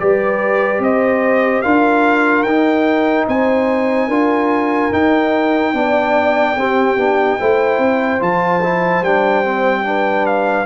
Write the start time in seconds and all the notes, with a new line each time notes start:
0.00 G3 G4 B4 D5
0.80 C4 C5 D#5
1.62 D4 F4 A#4 F5
2.43 D#4 G5
3.28 C4 C5 G#5
4.08 D4 F4 A#4
4.93 D#4 G5
5.74 B3 D4 D5
6.57 C4 G4
6.97 B3 D4
7.39 A3 E4 C5
7.79 C4
8.20 F3 F4 A5
8.63 E4
9.02 G3 D4 G5
9.45 C4
9.84 D4 B4
10.27 F5